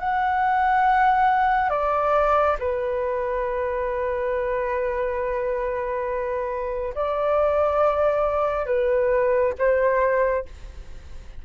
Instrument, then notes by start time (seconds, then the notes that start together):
flute
0.00 F#5
1.70 D5
2.60 B4
6.96 D5
8.67 B4
9.59 C5